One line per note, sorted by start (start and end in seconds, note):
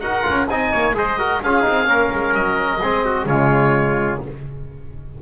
0.00 0.25 D#4
0.00 0.22 F#4
0.00 0.50 A#4
0.00 0.47 F#5
0.22 0.46 F4
0.30 0.49 C#4
0.49 0.72 C4
0.49 0.94 D#4
0.49 0.72 D#5
0.49 0.96 G#5
0.72 0.94 A#3
0.72 0.95 C#5
0.94 1.40 G#3
0.94 1.18 G#4
0.94 1.19 C5
0.94 1.43 D#5
1.18 1.41 F#4
1.18 1.42 A#4
1.43 1.66 C#4
1.43 1.61 F4
1.43 1.88 G#4
1.43 2.34 F5
1.61 1.85 D#4
1.68 1.87 C4
1.85 2.11 A#3
1.85 2.78 C#4
1.85 2.81 A#4
2.12 2.35 G#3
2.34 2.81 F#3
2.34 3.27 D#5
2.82 3.26 G#3
2.82 3.27 C4
2.82 3.05 G#4
3.05 3.28 F#4
3.26 4.19 C#3
3.26 4.20 G#3
3.26 4.22 F4
3.26 4.20 C#5